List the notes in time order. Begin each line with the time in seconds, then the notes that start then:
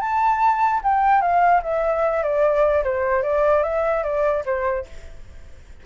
0.00 A5
0.83 G5
1.21 F5
1.62 E5
2.22 D5
2.84 C5
3.22 D5
3.63 E5
4.03 D5
4.45 C5